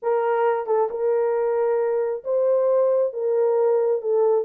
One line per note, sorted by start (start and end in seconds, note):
0.02 0.66 A#4
0.66 0.88 A4
0.90 2.23 A#4
2.24 3.13 C5
3.13 4.01 A#4
4.01 4.44 A4